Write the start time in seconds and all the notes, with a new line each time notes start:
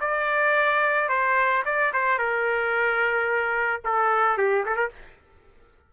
0.00 D5
1.09 C5
1.65 D5
1.93 C5
2.18 A#4
3.84 A4
4.37 G4
4.65 A4
4.76 A#4